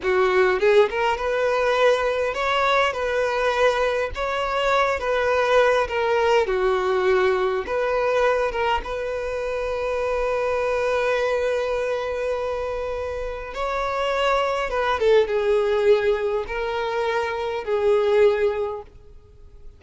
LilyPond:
\new Staff \with { instrumentName = "violin" } { \time 4/4 \tempo 4 = 102 fis'4 gis'8 ais'8 b'2 | cis''4 b'2 cis''4~ | cis''8 b'4. ais'4 fis'4~ | fis'4 b'4. ais'8 b'4~ |
b'1~ | b'2. cis''4~ | cis''4 b'8 a'8 gis'2 | ais'2 gis'2 | }